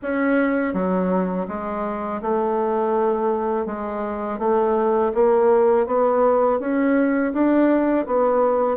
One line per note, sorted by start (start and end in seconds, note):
0.02 0.73 C#4
0.73 1.46 F#3
1.48 2.21 G#3
2.22 3.66 A3
3.66 4.39 G#3
4.39 5.12 A3
5.14 5.86 A#3
5.86 6.59 B3
6.59 7.32 C#4
7.33 8.06 D4
8.06 8.77 B3